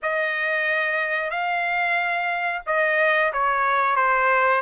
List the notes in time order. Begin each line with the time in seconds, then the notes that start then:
0.02 D#5
1.30 F5
2.66 D#5
3.32 C#5
3.96 C5